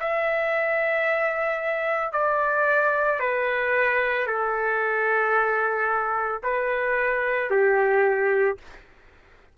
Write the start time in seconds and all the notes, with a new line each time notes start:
0.00 E5
2.12 D5
3.19 B4
4.26 A4
6.43 B4
7.50 G4